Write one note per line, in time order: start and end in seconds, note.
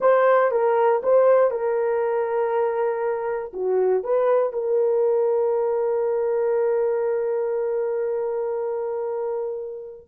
0.00 0.51 C5
0.51 1.01 A#4
1.02 1.50 C5
1.50 3.52 A#4
3.53 4.03 F#4
4.03 4.52 B4
4.52 10.07 A#4